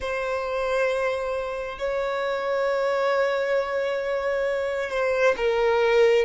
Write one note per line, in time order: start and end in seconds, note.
0.00 1.78 C5
1.78 4.90 C#5
4.90 5.34 C5
5.36 6.25 A#4